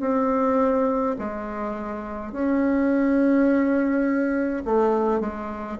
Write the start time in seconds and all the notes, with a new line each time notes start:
0.00 C4
1.19 G#3
2.32 C#4
4.65 A3
5.20 G#3